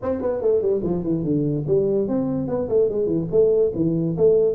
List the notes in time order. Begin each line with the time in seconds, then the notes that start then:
0.02 C4
0.21 B3
0.41 A3
0.61 G3
0.83 F3
1.03 E3
1.24 D3
1.67 G3
2.08 C4
2.47 B3
2.68 A3
2.89 G#3
3.06 E3
3.31 A3
3.75 E3
4.17 A3